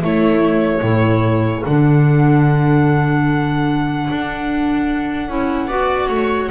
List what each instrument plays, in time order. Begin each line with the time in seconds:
0.00 clarinet A3, double bass A3, viola E4, violin C#5
0.82 double bass A2, clarinet E4, viola A4
1.64 double bass D3, clarinet D4, violin F#5
4.11 double bass D4
5.29 double bass C#4, clarinet E4
5.68 double bass B3, clarinet F#4, viola D5
6.09 double bass A3, viola C#5